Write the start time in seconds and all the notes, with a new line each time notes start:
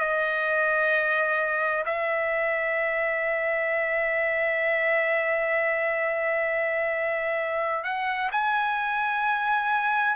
0.00 D#5
1.85 E5
7.84 F#5
8.32 G#5